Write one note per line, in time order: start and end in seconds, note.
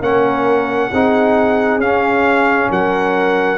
0.00 0.90 A#3
0.00 0.91 C#4
0.00 0.91 A#4
0.00 1.80 F#5
0.91 1.77 C4
0.91 1.82 D#4
0.91 2.70 G#4
1.77 2.67 C#4
1.77 3.58 C#4
1.77 2.70 F5
2.70 3.58 F#3
2.70 3.58 A#4
2.70 3.58 F#5